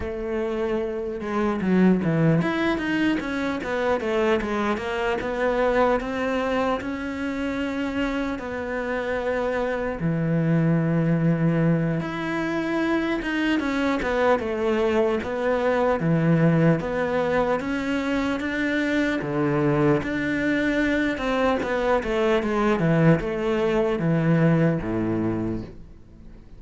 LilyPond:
\new Staff \with { instrumentName = "cello" } { \time 4/4 \tempo 4 = 75 a4. gis8 fis8 e8 e'8 dis'8 | cis'8 b8 a8 gis8 ais8 b4 c'8~ | c'8 cis'2 b4.~ | b8 e2~ e8 e'4~ |
e'8 dis'8 cis'8 b8 a4 b4 | e4 b4 cis'4 d'4 | d4 d'4. c'8 b8 a8 | gis8 e8 a4 e4 a,4 | }